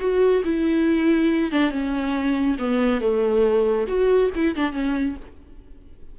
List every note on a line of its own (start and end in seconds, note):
0.00 0.43 F#4
0.45 1.52 E4
1.52 1.71 D4
1.71 2.57 C#4
2.59 3.01 B3
3.01 3.87 A3
3.87 4.30 F#4
4.36 4.56 E4
4.56 4.73 D4
4.73 5.16 C#4